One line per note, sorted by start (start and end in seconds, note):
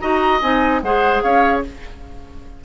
0.00 0.42 D#4
0.00 0.40 F#4
0.00 0.81 D#5
0.00 0.40 A#5
0.41 0.82 C4
0.41 0.82 D#4
0.41 0.81 G#5
0.82 1.22 G#3
0.82 1.64 G#4
0.82 1.23 C5
0.82 1.22 F#5
1.22 1.64 C#4
1.22 1.63 C#5
1.22 1.62 F5